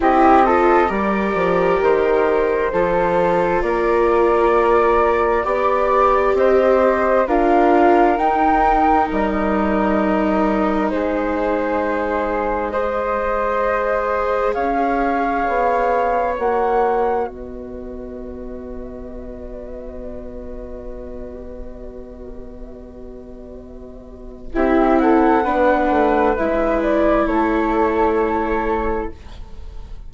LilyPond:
<<
  \new Staff \with { instrumentName = "flute" } { \time 4/4 \tempo 4 = 66 dis''4 d''4 c''2 | d''2. dis''4 | f''4 g''4 dis''2 | c''2 dis''2 |
f''2 fis''4 dis''4~ | dis''1~ | dis''2. e''8 fis''8~ | fis''4 e''8 d''8 cis''2 | }
  \new Staff \with { instrumentName = "flute" } { \time 4/4 g'8 a'8 ais'2 a'4 | ais'2 d''4 c''4 | ais'1 | gis'2 c''2 |
cis''2. b'4~ | b'1~ | b'2. g'8 a'8 | b'2 a'2 | }
  \new Staff \with { instrumentName = "viola" } { \time 4/4 e'8 f'8 g'2 f'4~ | f'2 g'2 | f'4 dis'2.~ | dis'2 gis'2~ |
gis'2 fis'2~ | fis'1~ | fis'2. e'4 | d'4 e'2. | }
  \new Staff \with { instrumentName = "bassoon" } { \time 4/4 c'4 g8 f8 dis4 f4 | ais2 b4 c'4 | d'4 dis'4 g2 | gis1 |
cis'4 b4 ais4 b4~ | b1~ | b2. c'4 | b8 a8 gis4 a2 | }
>>